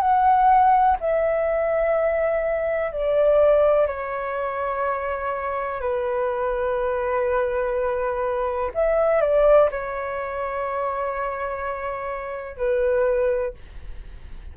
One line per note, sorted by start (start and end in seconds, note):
0.00 0.97 F#5
1.00 2.92 E5
2.92 3.87 D5
3.87 5.81 C#5
5.81 8.71 B4
8.74 9.21 E5
9.21 9.70 D5
9.71 12.57 C#5
12.57 13.54 B4